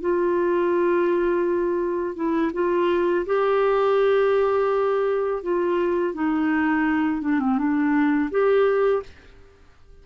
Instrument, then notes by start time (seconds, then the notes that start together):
clarinet
0.00 F4
2.15 E4
2.53 F4
3.26 G4
5.42 F4
6.14 D#4
7.21 D4
7.39 C4
7.57 D4
8.30 G4